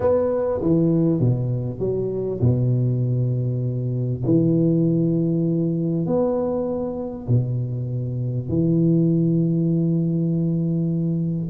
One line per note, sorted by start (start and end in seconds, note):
0.00 0.61 B3
0.61 1.20 E3
1.20 1.79 B2
1.79 2.39 F#3
2.40 4.22 B2
4.25 6.06 E3
6.06 7.27 B3
7.27 8.48 B2
8.48 11.50 E3